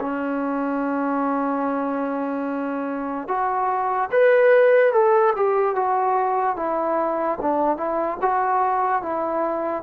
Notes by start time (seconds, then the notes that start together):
0.00 C#4
3.28 F#4
4.11 B4
4.92 A4
5.36 G4
5.75 F#4
6.56 E4
7.41 D4
7.77 E4
8.21 F#4
9.02 E4